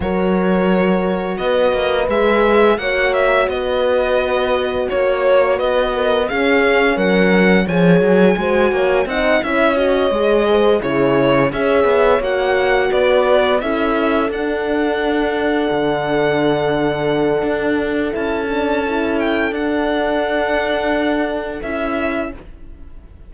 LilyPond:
<<
  \new Staff \with { instrumentName = "violin" } { \time 4/4 \tempo 4 = 86 cis''2 dis''4 e''4 | fis''8 e''8 dis''2 cis''4 | dis''4 f''4 fis''4 gis''4~ | gis''4 fis''8 e''8 dis''4. cis''8~ |
cis''8 e''4 fis''4 d''4 e''8~ | e''8 fis''2.~ fis''8~ | fis''2 a''4. g''8 | fis''2. e''4 | }
  \new Staff \with { instrumentName = "horn" } { \time 4/4 ais'2 b'2 | cis''4 b'2 cis''4 | b'8 ais'8 gis'4 ais'4 cis''4 | c''8 cis''8 dis''8 cis''4. c''8 gis'8~ |
gis'8 cis''2 b'4 a'8~ | a'1~ | a'1~ | a'1 | }
  \new Staff \with { instrumentName = "horn" } { \time 4/4 fis'2. gis'4 | fis'1~ | fis'4 cis'2 gis'4 | fis'4 dis'8 e'8 fis'8 gis'4 e'8~ |
e'8 gis'4 fis'2 e'8~ | e'8 d'2.~ d'8~ | d'2 e'8 d'8 e'4 | d'2. e'4 | }
  \new Staff \with { instrumentName = "cello" } { \time 4/4 fis2 b8 ais8 gis4 | ais4 b2 ais4 | b4 cis'4 fis4 f8 fis8 | gis8 ais8 c'8 cis'4 gis4 cis8~ |
cis8 cis'8 b8 ais4 b4 cis'8~ | cis'8 d'2 d4.~ | d4 d'4 cis'2 | d'2. cis'4 | }
>>